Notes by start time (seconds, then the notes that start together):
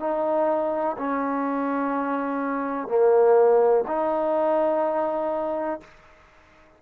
0.00 D#4
0.98 C#4
2.88 A#3
3.88 D#4